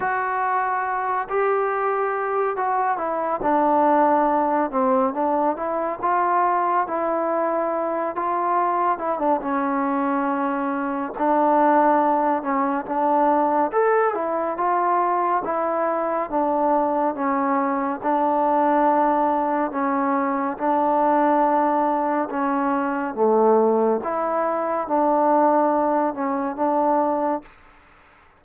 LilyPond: \new Staff \with { instrumentName = "trombone" } { \time 4/4 \tempo 4 = 70 fis'4. g'4. fis'8 e'8 | d'4. c'8 d'8 e'8 f'4 | e'4. f'4 e'16 d'16 cis'4~ | cis'4 d'4. cis'8 d'4 |
a'8 e'8 f'4 e'4 d'4 | cis'4 d'2 cis'4 | d'2 cis'4 a4 | e'4 d'4. cis'8 d'4 | }